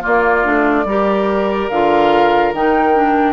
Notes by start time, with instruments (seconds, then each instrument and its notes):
0.00 clarinet A#3, bassoon A#3, oboe F4, flute D5
0.43 bassoon A3, clarinet D4
0.84 bassoon G3, clarinet G4, oboe A#4
1.68 bassoon D3, clarinet F4, flute F5
2.52 bassoon D#3, clarinet D#4, flute G5
2.94 clarinet D4